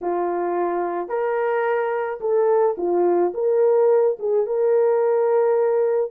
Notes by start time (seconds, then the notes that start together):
0.01 F4
1.08 A#4
2.20 A4
2.77 F4
3.34 A#4
4.19 G#4
4.46 A#4